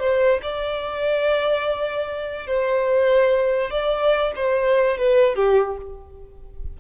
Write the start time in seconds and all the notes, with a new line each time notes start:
0.00 C5
0.43 D5
2.47 C5
3.71 D5
4.36 C5
4.98 B4
5.36 G4